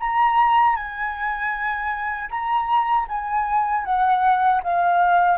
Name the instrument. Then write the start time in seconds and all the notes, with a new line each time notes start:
flute
0.00 A#5
0.76 G#5
2.30 A#5
3.08 G#5
3.85 F#5
4.63 F5